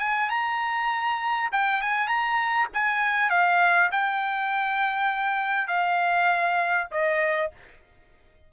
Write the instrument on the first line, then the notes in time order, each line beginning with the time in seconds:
trumpet
0.00 G#5
0.30 A#5
1.52 G5
1.82 G#5
2.08 A#5
2.74 G#5
3.31 F5
3.92 G5
5.68 F5
6.92 D#5